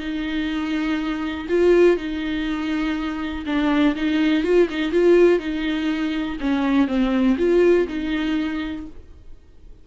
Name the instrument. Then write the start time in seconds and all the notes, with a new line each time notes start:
viola
0.00 D#4
1.49 F4
1.97 D#4
3.46 D4
3.96 D#4
4.44 F4
4.70 D#4
4.92 F4
5.39 D#4
6.41 C#4
6.88 C4
7.38 F4
7.88 D#4